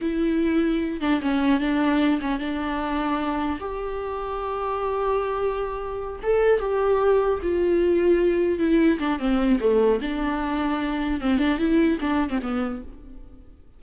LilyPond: \new Staff \with { instrumentName = "viola" } { \time 4/4 \tempo 4 = 150 e'2~ e'8 d'8 cis'4 | d'4. cis'8 d'2~ | d'4 g'2.~ | g'2.~ g'8 a'8~ |
a'8 g'2 f'4.~ | f'4. e'4 d'8 c'4 | a4 d'2. | c'8 d'8 e'4 d'8. c'16 b4 | }